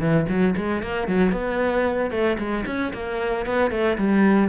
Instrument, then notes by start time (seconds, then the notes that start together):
cello
0.00 E3
0.29 F#3
0.56 G#3
0.82 A#3
1.08 F#3
1.32 B3
2.11 A3
2.39 G#3
2.66 C#4
2.94 A#3
3.46 B3
3.71 A3
3.98 G3